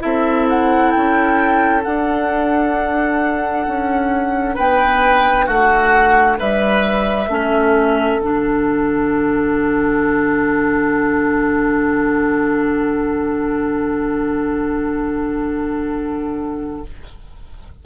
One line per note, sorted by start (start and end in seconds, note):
0.00 0.94 C4
0.00 1.81 E4
0.00 4.55 A4
0.00 0.47 E5
0.49 0.92 F#5
0.92 1.86 C#4
0.92 1.83 G5
1.81 7.26 D4
1.81 3.67 D4
1.81 4.56 F#5
3.67 4.58 C#4
4.55 5.48 B3
4.55 5.46 B4
4.55 5.47 G5
5.46 6.39 A3
5.46 6.37 F#4
5.46 6.38 F#5
6.39 7.28 G3
6.39 7.29 B4
6.39 8.21 E5
7.28 8.19 A3
7.28 8.21 C#4
7.28 16.84 A4
8.19 16.83 D3
8.19 16.85 D4
8.19 16.84 F#5